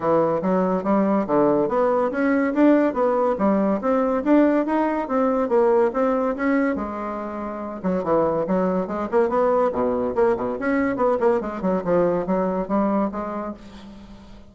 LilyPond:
\new Staff \with { instrumentName = "bassoon" } { \time 4/4 \tempo 4 = 142 e4 fis4 g4 d4 | b4 cis'4 d'4 b4 | g4 c'4 d'4 dis'4 | c'4 ais4 c'4 cis'4 |
gis2~ gis8 fis8 e4 | fis4 gis8 ais8 b4 b,4 | ais8 b,8 cis'4 b8 ais8 gis8 fis8 | f4 fis4 g4 gis4 | }